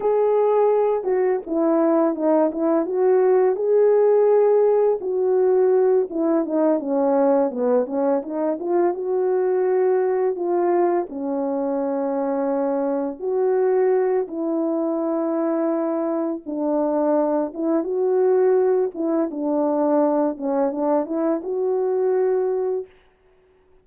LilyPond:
\new Staff \with { instrumentName = "horn" } { \time 4/4 \tempo 4 = 84 gis'4. fis'8 e'4 dis'8 e'8 | fis'4 gis'2 fis'4~ | fis'8 e'8 dis'8 cis'4 b8 cis'8 dis'8 | f'8 fis'2 f'4 cis'8~ |
cis'2~ cis'8 fis'4. | e'2. d'4~ | d'8 e'8 fis'4. e'8 d'4~ | d'8 cis'8 d'8 e'8 fis'2 | }